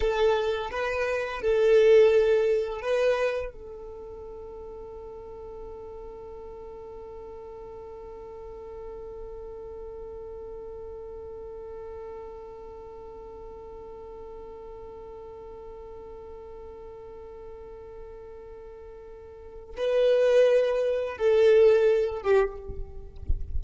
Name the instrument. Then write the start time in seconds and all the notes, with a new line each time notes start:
violin
0.00 A4
0.71 B4
1.41 A4
2.81 B4
3.52 A4
19.76 B4
21.17 A4
22.22 G4